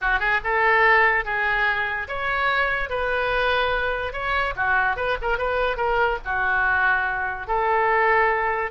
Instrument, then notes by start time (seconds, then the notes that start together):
oboe
0.01 F#4
0.19 G#4
0.43 A4
1.24 G#4
2.08 C#5
2.89 B4
4.12 C#5
4.56 F#4
4.96 B4
5.21 A#4
5.38 B4
5.76 A#4
6.24 F#4
7.47 A4